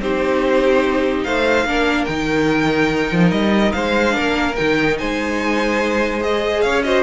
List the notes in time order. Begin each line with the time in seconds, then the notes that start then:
0.00 C4 D#4 G4 C5
1.23 A3 C5 F5
1.65 A#3 D4 A#4
2.05 D#3 D#4 G5
3.12 F3
3.31 G3 D#5
3.72 G#3 C5 F5
4.11 A#3 D4 A#4
4.56 D#3 D#4 G5
4.98 G#3 C5 G#5
6.20 G#4 D#5
6.61 C#4 C#5 F5
6.83 F#4 C5 D#5